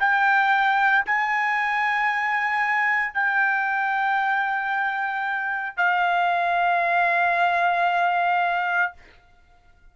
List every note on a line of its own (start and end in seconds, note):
0.00 1.05 G5
1.06 3.14 G#5
3.14 5.78 G5
5.78 8.93 F5